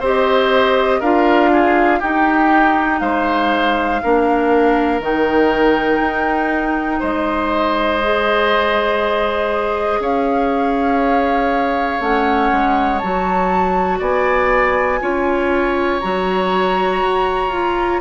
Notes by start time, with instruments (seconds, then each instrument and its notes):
0.00 bassoon C4, clarinet G4, oboe C5
0.06 flute D#5
1.00 bassoon D4, clarinet F4, oboe A#4, flute F5
1.52 oboe G#4
2.00 clarinet D#4, bassoon D#4, oboe G4, flute G5
3.00 bassoon G#3, oboe C5, flute F5
4.03 bassoon A#3, clarinet D4, oboe A#4
5.00 bassoon D#3, clarinet D#4, flute G5
6.00 bassoon D#4
6.99 bassoon G#3, oboe C5, flute D#5
8.02 clarinet G#4
10.00 bassoon C#4, oboe C#5, flute F5
12.00 bassoon A3, clarinet C#4, flute F#5
12.52 bassoon G#3
12.98 bassoon F#3, clarinet F#4, flute A5
13.99 bassoon B3, oboe D5, flute G#5
15.01 bassoon C#4, clarinet F4, oboe C#5
16.00 bassoon F#3, clarinet F#4, flute A#5
17.02 bassoon F#4
17.48 bassoon F4, clarinet F4